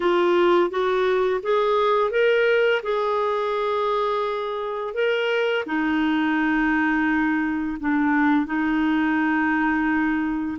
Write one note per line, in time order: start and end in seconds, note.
0.00 0.70 F4
0.70 1.41 F#4
1.42 2.10 G#4
2.10 2.81 A#4
2.82 4.93 G#4
4.93 5.64 A#4
5.66 7.77 D#4
7.80 8.46 D4
8.46 10.58 D#4